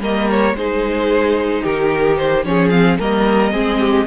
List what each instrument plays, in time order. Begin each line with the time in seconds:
0.00 cello G3, viola A#3, violin A#4 D#5
0.31 violin C#5
0.54 cello G#3, viola D#4, violin G#4 C5
1.63 cello D#3, violin G4 A#4
2.18 violin C5
2.45 cello F3, viola C#4, violin G#4 C#5
2.70 viola C4, violin F5
3.00 cello G3, viola A#3, violin A#4 D#5
3.52 cello G#3, viola C4, violin G#4
3.80 violin G4